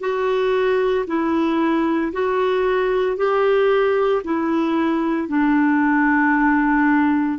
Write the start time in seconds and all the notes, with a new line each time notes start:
0.00 F#4
1.07 E4
2.12 F#4
3.17 G4
4.24 E4
5.28 D4